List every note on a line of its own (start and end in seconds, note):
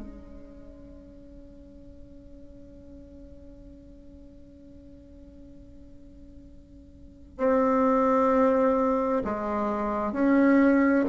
0.00 7.38 C#4
7.38 9.23 C4
9.25 10.13 G#3
10.13 11.05 C#4